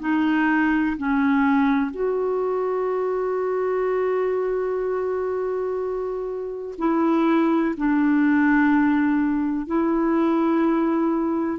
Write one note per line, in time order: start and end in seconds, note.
0.00 0.97 D#4
0.98 1.91 C#4
1.91 6.75 F#4
6.78 7.75 E4
7.77 9.67 D4
9.67 11.59 E4